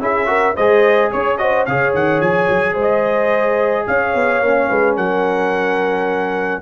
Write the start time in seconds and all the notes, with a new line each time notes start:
0.00 C#4 E4 G#4 E5
0.26 F#4 A#4
0.56 G#3 G#4 C5 D#5
1.12 C#4 C#5
1.38 F#4 C5 D#5
1.66 C#3 G#4 C#5 F5
1.94 D#3 F#5
2.21 F3 G#5
2.49 F#3
2.74 G#3 C5
2.82 D#5
3.87 C#4 C#5 F5
4.15 B3
4.42 A#3 C#4
4.70 G#3 B4
4.97 F#3 A#4 F#5